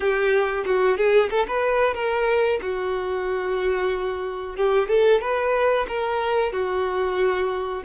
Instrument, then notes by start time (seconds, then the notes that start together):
violin
0.00 G4
0.65 F#4
0.97 G#4
1.30 A4
1.47 B4
1.94 A#4
2.61 F#4
4.56 G4
4.88 A4
5.21 B4
5.88 A#4
6.52 F#4